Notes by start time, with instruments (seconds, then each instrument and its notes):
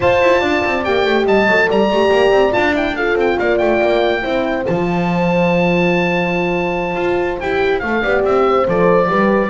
0.00 horn F4 C5, double bass F4, oboe A5
0.21 double bass E4
0.40 double bass D4, horn D5
0.64 double bass C4
0.84 double bass A#3, horn G4, oboe G5
1.05 double bass A3
1.25 double bass G3, horn D#5, oboe A5
1.47 double bass F#3, horn A4
1.68 double bass G3, horn D5, oboe A#5
1.89 double bass A3, horn G4
2.11 double bass A#3
2.31 double bass C4
2.51 double bass D4, horn F4, oboe A5
2.74 horn E4, oboe G5
2.95 horn F4 A4, oboe F5
3.15 double bass C4, oboe G5
3.39 double bass A#3, horn D5, oboe F5
3.57 double bass A3, oboe G5
3.81 double bass A#3
4.21 double bass C4, horn E4 C5
4.65 double bass F3, horn F4, oboe A5
6.95 double bass F4
7.40 double bass E4, horn G4, oboe G5
7.79 double bass A3, horn A4, oboe F5
8.01 double bass B3, horn G4 D5
8.24 double bass C4, oboe E5
8.47 horn C5
8.67 double bass F3, horn A4, oboe D5
9.06 double bass G3, horn G4 B4